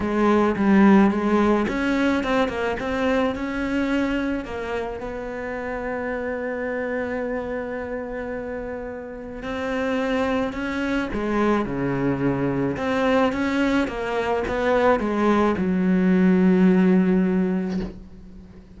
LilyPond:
\new Staff \with { instrumentName = "cello" } { \time 4/4 \tempo 4 = 108 gis4 g4 gis4 cis'4 | c'8 ais8 c'4 cis'2 | ais4 b2.~ | b1~ |
b4 c'2 cis'4 | gis4 cis2 c'4 | cis'4 ais4 b4 gis4 | fis1 | }